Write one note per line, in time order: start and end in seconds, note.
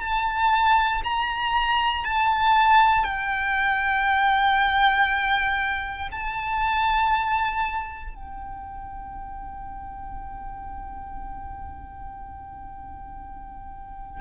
0.00 1.02 A5
1.03 2.04 A#5
2.04 3.04 A5
3.04 6.09 G5
6.11 8.14 A5
8.14 14.21 G5